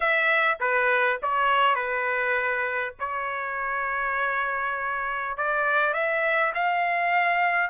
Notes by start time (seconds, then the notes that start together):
0.00 E5
0.60 B4
1.22 C#5
1.75 B4
2.99 C#5
5.37 D5
5.93 E5
6.54 F5